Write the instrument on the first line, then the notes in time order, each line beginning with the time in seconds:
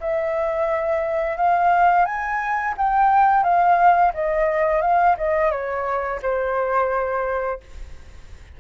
flute
0.00 E5
1.37 F5
2.05 G#5
2.77 G5
3.43 F5
4.13 D#5
4.82 F5
5.17 D#5
5.51 C#5
6.22 C5